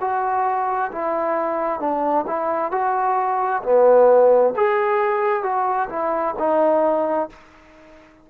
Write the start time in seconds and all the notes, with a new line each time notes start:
0.00 F#4
0.92 E4
1.80 D4
2.27 E4
2.71 F#4
3.63 B3
4.56 G#4
5.43 F#4
5.90 E4
6.38 D#4